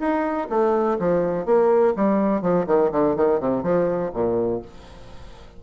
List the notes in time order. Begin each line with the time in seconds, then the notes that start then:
0.00 D#4
0.50 A3
1.00 F3
1.46 A#3
1.97 G3
2.42 F3
2.67 D#3
2.92 D3
3.16 D#3
3.40 C3
3.63 F3
4.14 A#2